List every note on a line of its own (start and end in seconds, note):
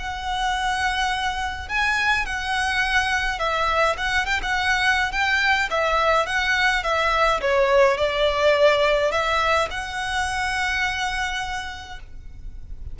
0.00 1.69 F#5
1.69 2.26 G#5
2.26 3.39 F#5
3.39 3.97 E5
3.98 4.26 F#5
4.26 4.41 G5
4.43 5.12 F#5
5.12 5.70 G5
5.71 6.27 E5
6.27 6.84 F#5
6.84 7.41 E5
7.42 7.98 C#5
7.98 9.12 D5
9.12 9.69 E5
9.71 12.00 F#5